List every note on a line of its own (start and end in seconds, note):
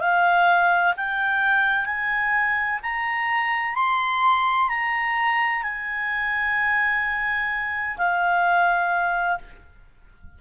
0.00 0.94 F5
0.97 1.86 G5
1.86 2.80 G#5
2.83 3.75 A#5
3.75 4.69 C6
4.69 5.63 A#5
5.63 7.97 G#5
7.98 9.38 F5